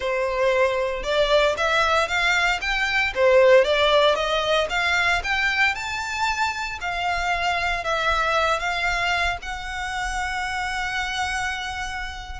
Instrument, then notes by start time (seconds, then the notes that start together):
violin
0.00 C5
1.03 D5
1.57 E5
2.08 F5
2.61 G5
3.14 C5
3.64 D5
4.15 D#5
4.69 F5
5.23 G5
5.74 A5
6.80 F5
7.84 E5
8.59 F5
9.42 F#5